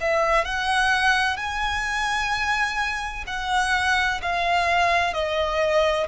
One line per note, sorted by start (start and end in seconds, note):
0.00 0.44 E5
0.44 1.36 F#5
1.36 3.24 G#5
3.26 4.20 F#5
4.21 5.13 F5
5.13 6.07 D#5